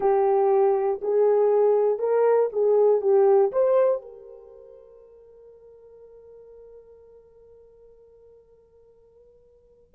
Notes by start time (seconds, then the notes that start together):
0.00 G4
1.01 G#4
1.98 A#4
2.52 G#4
3.01 G4
3.52 C5
4.01 A#4